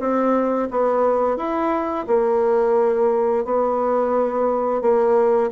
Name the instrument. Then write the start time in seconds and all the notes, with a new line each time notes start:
bassoon
0.00 C4
0.71 B3
1.37 E4
2.08 A#3
3.45 B3
4.82 A#3